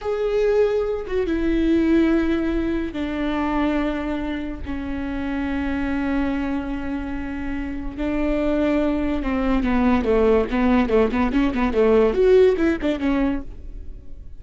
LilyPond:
\new Staff \with { instrumentName = "viola" } { \time 4/4 \tempo 4 = 143 gis'2~ gis'8 fis'8 e'4~ | e'2. d'4~ | d'2. cis'4~ | cis'1~ |
cis'2. d'4~ | d'2 c'4 b4 | a4 b4 a8 b8 cis'8 b8 | a4 fis'4 e'8 d'8 cis'4 | }